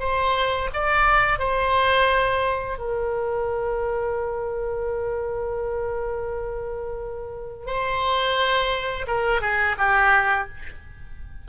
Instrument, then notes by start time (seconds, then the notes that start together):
oboe
0.00 C5
0.74 D5
1.39 C5
2.78 A#4
7.67 C5
9.07 A#4
9.42 G#4
9.78 G4